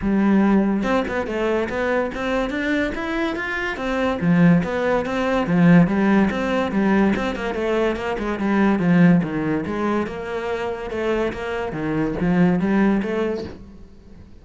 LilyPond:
\new Staff \with { instrumentName = "cello" } { \time 4/4 \tempo 4 = 143 g2 c'8 b8 a4 | b4 c'4 d'4 e'4 | f'4 c'4 f4 b4 | c'4 f4 g4 c'4 |
g4 c'8 ais8 a4 ais8 gis8 | g4 f4 dis4 gis4 | ais2 a4 ais4 | dis4 f4 g4 a4 | }